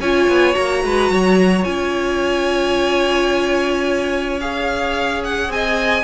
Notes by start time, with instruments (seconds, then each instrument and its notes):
0.00 cello C#4, viola F4, violin C#5 G#5
0.28 cello B3
0.53 cello A#3, viola F#4, violin A#5
0.84 cello G#3, violin B4
1.10 cello F#3, violin C#5
1.64 cello C#4, viola F4, violin G#5
4.40 viola G#4, violin F5
5.24 violin F#5
5.49 cello C4, violin D#5 G#5